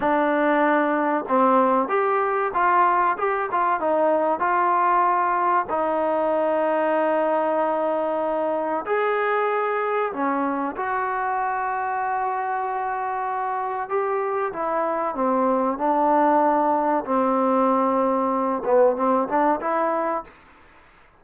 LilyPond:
\new Staff \with { instrumentName = "trombone" } { \time 4/4 \tempo 4 = 95 d'2 c'4 g'4 | f'4 g'8 f'8 dis'4 f'4~ | f'4 dis'2.~ | dis'2 gis'2 |
cis'4 fis'2.~ | fis'2 g'4 e'4 | c'4 d'2 c'4~ | c'4. b8 c'8 d'8 e'4 | }